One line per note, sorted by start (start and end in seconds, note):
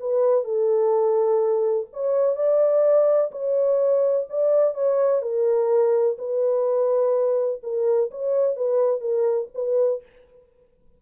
0.00 0.44 B4
0.44 1.87 A4
1.93 2.36 C#5
2.36 3.31 D5
3.31 4.27 C#5
4.30 4.74 D5
4.74 5.22 C#5
5.22 6.17 A#4
6.18 7.61 B4
7.63 8.11 A#4
8.11 8.56 C#5
8.56 9.01 B4
9.01 9.48 A#4
9.55 10.03 B4